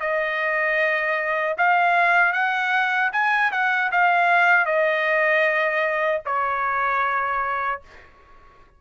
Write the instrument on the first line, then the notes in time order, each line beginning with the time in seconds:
trumpet
0.00 D#5
1.58 F5
2.33 F#5
3.12 G#5
3.52 F#5
3.91 F5
4.66 D#5
6.26 C#5